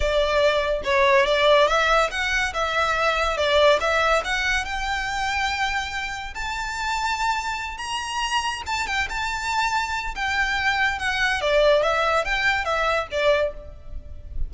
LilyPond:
\new Staff \with { instrumentName = "violin" } { \time 4/4 \tempo 4 = 142 d''2 cis''4 d''4 | e''4 fis''4 e''2 | d''4 e''4 fis''4 g''4~ | g''2. a''4~ |
a''2~ a''8 ais''4.~ | ais''8 a''8 g''8 a''2~ a''8 | g''2 fis''4 d''4 | e''4 g''4 e''4 d''4 | }